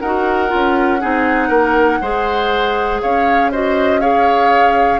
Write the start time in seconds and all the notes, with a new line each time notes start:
0.00 D#4 F#4 A#4 F#5
0.49 C#4 F4
1.01 C4 D#4 G#4
1.48 A#3 A#4
2.01 G#3 G#4 C5
3.01 C#4 C#5 F5
3.51 F#4 C5 D#5
4.00 G#4 C#5 F5